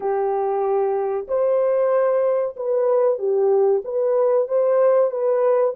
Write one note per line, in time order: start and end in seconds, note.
0.00 1.26 G4
1.28 2.55 C5
2.56 3.18 B4
3.18 3.82 G4
3.84 4.48 B4
4.48 5.11 C5
5.11 5.74 B4